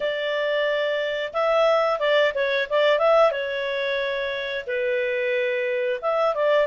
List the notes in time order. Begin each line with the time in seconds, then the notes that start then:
0.00 D5
1.33 E5
1.99 D5
2.34 C#5
2.69 D5
2.98 E5
3.32 C#5
4.66 B4
6.02 E5
6.35 D5